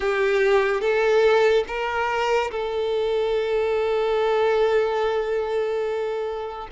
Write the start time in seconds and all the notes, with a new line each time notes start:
0.00 G4
0.80 A4
1.67 A#4
2.51 A4